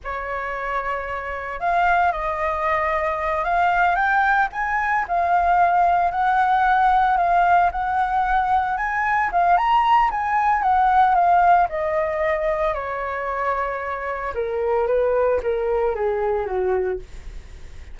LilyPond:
\new Staff \with { instrumentName = "flute" } { \time 4/4 \tempo 4 = 113 cis''2. f''4 | dis''2~ dis''8 f''4 g''8~ | g''8 gis''4 f''2 fis''8~ | fis''4. f''4 fis''4.~ |
fis''8 gis''4 f''8 ais''4 gis''4 | fis''4 f''4 dis''2 | cis''2. ais'4 | b'4 ais'4 gis'4 fis'4 | }